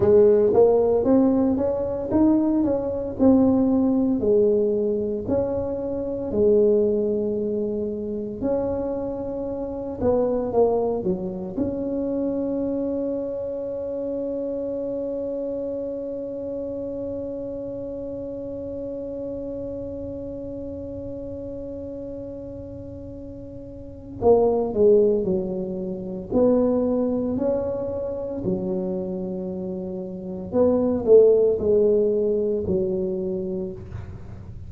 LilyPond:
\new Staff \with { instrumentName = "tuba" } { \time 4/4 \tempo 4 = 57 gis8 ais8 c'8 cis'8 dis'8 cis'8 c'4 | gis4 cis'4 gis2 | cis'4. b8 ais8 fis8 cis'4~ | cis'1~ |
cis'1~ | cis'2. ais8 gis8 | fis4 b4 cis'4 fis4~ | fis4 b8 a8 gis4 fis4 | }